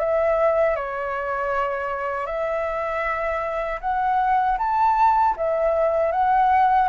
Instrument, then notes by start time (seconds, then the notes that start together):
flute
0.00 E5
0.76 C#5
2.27 E5
3.81 F#5
4.59 A5
5.37 E5
6.12 F#5